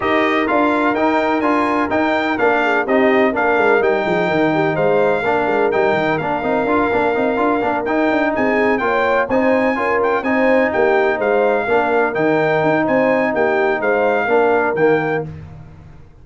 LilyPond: <<
  \new Staff \with { instrumentName = "trumpet" } { \time 4/4 \tempo 4 = 126 dis''4 f''4 g''4 gis''4 | g''4 f''4 dis''4 f''4 | g''2 f''2 | g''4 f''2.~ |
f''8 g''4 gis''4 g''4 gis''8~ | gis''4 g''8 gis''4 g''4 f''8~ | f''4. g''4. gis''4 | g''4 f''2 g''4 | }
  \new Staff \with { instrumentName = "horn" } { \time 4/4 ais'1~ | ais'4. gis'8 g'4 ais'4~ | ais'8 gis'8 ais'8 g'8 c''4 ais'4~ | ais'1~ |
ais'4. gis'4 cis''4 c''8~ | c''8 ais'4 c''4 g'4 c''8~ | c''8 ais'2~ ais'8 c''4 | g'4 c''4 ais'2 | }
  \new Staff \with { instrumentName = "trombone" } { \time 4/4 g'4 f'4 dis'4 f'4 | dis'4 d'4 dis'4 d'4 | dis'2. d'4 | dis'4 d'8 dis'8 f'8 d'8 dis'8 f'8 |
d'8 dis'2 f'4 dis'8~ | dis'8 f'4 dis'2~ dis'8~ | dis'8 d'4 dis'2~ dis'8~ | dis'2 d'4 ais4 | }
  \new Staff \with { instrumentName = "tuba" } { \time 4/4 dis'4 d'4 dis'4 d'4 | dis'4 ais4 c'4 ais8 gis8 | g8 f8 dis4 gis4 ais8 gis8 | g8 dis8 ais8 c'8 d'8 ais8 c'8 d'8 |
ais8 dis'8 d'8 c'4 ais4 c'8~ | c'8 cis'4 c'4 ais4 gis8~ | gis8 ais4 dis4 dis'8 c'4 | ais4 gis4 ais4 dis4 | }
>>